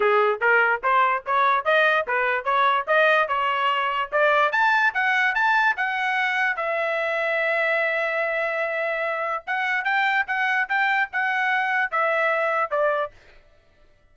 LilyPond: \new Staff \with { instrumentName = "trumpet" } { \time 4/4 \tempo 4 = 146 gis'4 ais'4 c''4 cis''4 | dis''4 b'4 cis''4 dis''4 | cis''2 d''4 a''4 | fis''4 a''4 fis''2 |
e''1~ | e''2. fis''4 | g''4 fis''4 g''4 fis''4~ | fis''4 e''2 d''4 | }